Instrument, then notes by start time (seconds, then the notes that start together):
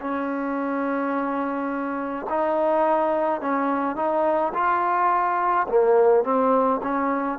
trombone
0.00 C#4
2.30 D#4
3.41 C#4
3.96 D#4
4.54 F4
5.68 A#3
6.24 C4
6.82 C#4